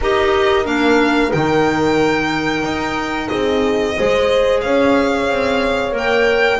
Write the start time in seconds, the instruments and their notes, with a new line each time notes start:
0.00 double bass D#4, clarinet G4, horn A#4, violin D#5
0.65 double bass A#3, clarinet D4, violin F5
1.31 double bass D#3, clarinet D#4, violin G5
2.63 double bass D#4
3.28 double bass C4, horn G#4, violin D#5
3.95 double bass G#3, clarinet G#4, horn C5
4.61 double bass C#4, horn C#5, violin F5
5.29 double bass C4
5.91 double bass A#3, clarinet A#4, violin G5